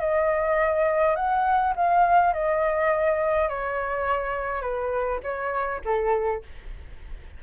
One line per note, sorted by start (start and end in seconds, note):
0.00 1.16 D#5
1.16 1.74 F#5
1.76 2.34 F5
2.34 3.49 D#5
3.49 4.62 C#5
4.62 5.20 B4
5.23 5.81 C#5
5.85 6.43 A4